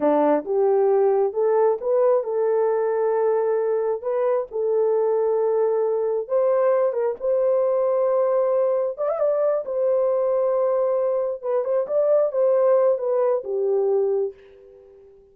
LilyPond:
\new Staff \with { instrumentName = "horn" } { \time 4/4 \tempo 4 = 134 d'4 g'2 a'4 | b'4 a'2.~ | a'4 b'4 a'2~ | a'2 c''4. ais'8 |
c''1 | d''16 e''16 d''4 c''2~ c''8~ | c''4. b'8 c''8 d''4 c''8~ | c''4 b'4 g'2 | }